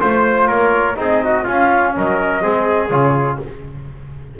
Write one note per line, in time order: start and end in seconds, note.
0.00 0.47 A3
0.00 0.95 F4
0.00 0.47 C5
0.00 0.48 C5
0.47 0.96 A#3
0.47 0.96 A#4
0.47 0.96 C#5
0.95 1.46 C4
0.95 1.44 D#4
0.95 1.24 G#4
0.95 1.46 D#5
1.24 1.44 F#4
1.44 2.41 C#4
1.44 1.96 C#4
1.44 1.92 F4
1.44 1.95 F5
1.96 2.45 F#3
1.96 2.42 A#4
1.96 2.88 D#5
2.41 2.90 G#3
2.41 2.89 C4
2.41 3.39 G#4
2.88 3.38 C#3
2.88 3.39 F4
2.88 3.37 C#5